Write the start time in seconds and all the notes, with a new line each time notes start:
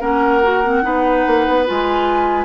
0.00 A#3 C#4 A#4 F#5
0.43 F#4
0.64 C4
0.83 B3 D#4 B4
1.27 A#3
1.47 B3
1.66 G#3 F4 G#5